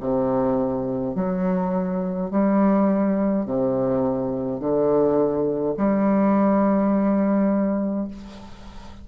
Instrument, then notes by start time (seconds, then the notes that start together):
bassoon
0.00 C3
1.15 F#3
2.30 G3
3.45 C3
4.59 D3
5.77 G3